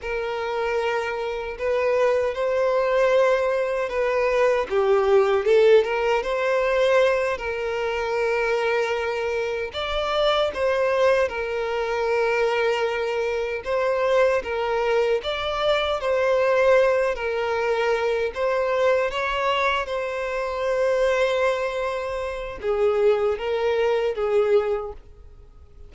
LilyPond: \new Staff \with { instrumentName = "violin" } { \time 4/4 \tempo 4 = 77 ais'2 b'4 c''4~ | c''4 b'4 g'4 a'8 ais'8 | c''4. ais'2~ ais'8~ | ais'8 d''4 c''4 ais'4.~ |
ais'4. c''4 ais'4 d''8~ | d''8 c''4. ais'4. c''8~ | c''8 cis''4 c''2~ c''8~ | c''4 gis'4 ais'4 gis'4 | }